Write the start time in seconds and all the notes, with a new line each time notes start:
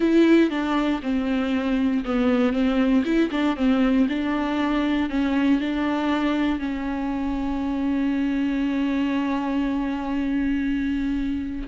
0.00 E4
0.50 D4
1.02 C4
2.05 B3
2.52 C4
3.04 E4
3.31 D4
3.56 C4
4.08 D4
5.09 C#4
5.60 D4
6.59 C#4